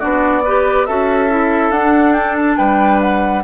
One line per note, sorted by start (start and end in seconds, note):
0.00 0.89 B3
0.00 0.43 D4
0.00 0.43 F#4
0.00 0.86 D5
0.45 0.88 G4
0.45 0.87 B4
0.86 1.71 C#4
0.86 1.30 F#4
0.86 2.58 A4
0.86 1.71 E5
1.30 1.73 E4
1.71 2.56 D4
1.71 3.44 D4
1.71 2.14 F#5
2.14 2.35 G5
2.36 2.57 A5
2.57 3.44 G3
2.57 3.44 B4
2.57 3.00 G5
3.02 3.44 F#5